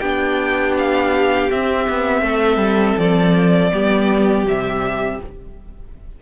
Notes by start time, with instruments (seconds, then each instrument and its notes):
0.00 cello B3, viola D4, violin G4 G5
0.79 violin F5
1.51 cello C4, viola C4, violin E5
1.90 cello B3
2.23 cello A3, violin A4
2.57 cello G3
2.98 cello F3, violin D5
3.72 cello G3, viola B3, violin G4
4.46 cello C3, viola G3, violin E5